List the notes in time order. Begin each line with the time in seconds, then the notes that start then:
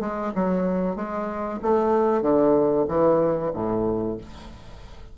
0.00 G#3
0.35 F#3
0.95 G#3
1.62 A3
2.22 D3
2.88 E3
3.53 A2